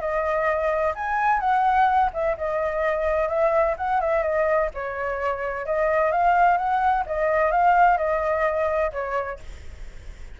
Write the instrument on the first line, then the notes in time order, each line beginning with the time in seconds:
flute
0.00 D#5
0.95 G#5
1.40 F#5
2.13 E5
2.37 D#5
3.28 E5
3.77 F#5
4.00 E5
4.23 D#5
4.74 C#5
5.65 D#5
6.11 F5
6.57 F#5
7.06 D#5
7.51 F5
7.97 D#5
8.92 C#5